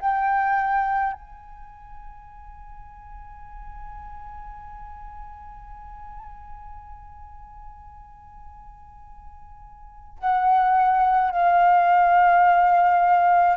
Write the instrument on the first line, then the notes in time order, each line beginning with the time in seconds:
flute
0.00 G5
1.13 G#5
10.19 F#5
11.31 F5